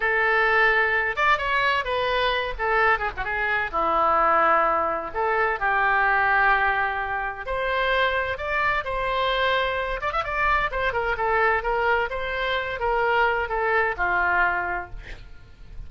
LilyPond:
\new Staff \with { instrumentName = "oboe" } { \time 4/4 \tempo 4 = 129 a'2~ a'8 d''8 cis''4 | b'4. a'4 gis'16 fis'16 gis'4 | e'2. a'4 | g'1 |
c''2 d''4 c''4~ | c''4. d''16 e''16 d''4 c''8 ais'8 | a'4 ais'4 c''4. ais'8~ | ais'4 a'4 f'2 | }